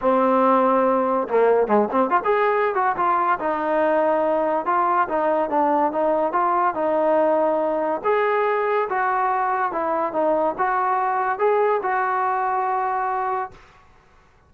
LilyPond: \new Staff \with { instrumentName = "trombone" } { \time 4/4 \tempo 4 = 142 c'2. ais4 | gis8 c'8 f'16 gis'4~ gis'16 fis'8 f'4 | dis'2. f'4 | dis'4 d'4 dis'4 f'4 |
dis'2. gis'4~ | gis'4 fis'2 e'4 | dis'4 fis'2 gis'4 | fis'1 | }